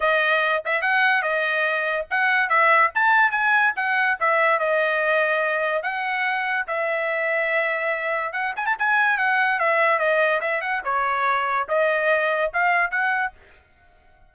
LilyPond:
\new Staff \with { instrumentName = "trumpet" } { \time 4/4 \tempo 4 = 144 dis''4. e''8 fis''4 dis''4~ | dis''4 fis''4 e''4 a''4 | gis''4 fis''4 e''4 dis''4~ | dis''2 fis''2 |
e''1 | fis''8 gis''16 a''16 gis''4 fis''4 e''4 | dis''4 e''8 fis''8 cis''2 | dis''2 f''4 fis''4 | }